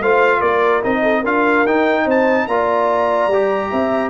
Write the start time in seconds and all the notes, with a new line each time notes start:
0.00 A3 F4 C5 F5
0.39 A#3 A#4 D5
0.83 C4 D#4 D#5
1.02 A4
1.21 D4 F4 A#4 F5
1.66 D#4 G5
2.05 C4 C5 A5
2.47 A#3 F4 D5 A#5
3.27 G3 G4
3.71 C4 E5